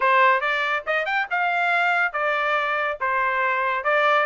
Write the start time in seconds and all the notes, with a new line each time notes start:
0.00 C5
0.40 D5
0.86 D#5
1.05 G5
1.30 F5
2.12 D5
3.00 C5
3.84 D5